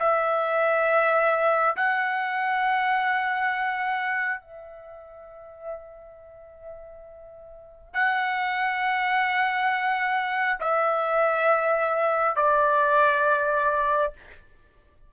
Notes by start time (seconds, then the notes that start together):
0.00 E5
1.76 F#5
4.41 E5
7.94 F#5
10.60 E5
12.36 D5